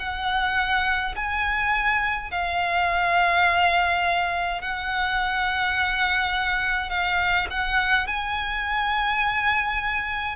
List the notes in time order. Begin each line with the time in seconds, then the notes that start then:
0.00 F#5
1.16 G#5
2.31 F5
4.62 F#5
6.90 F5
7.51 F#5
8.07 G#5